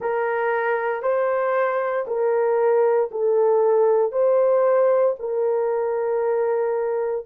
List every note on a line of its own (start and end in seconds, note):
0.00 1.02 A#4
1.02 2.05 C5
2.07 3.10 A#4
3.11 4.11 A4
4.11 5.15 C5
5.19 7.26 A#4